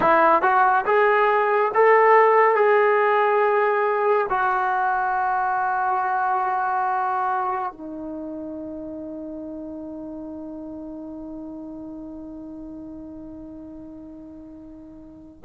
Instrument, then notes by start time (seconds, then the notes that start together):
trombone
0.00 E4
0.42 F#4
0.85 G#4
1.74 A4
2.55 G#4
4.29 F#4
7.71 D#4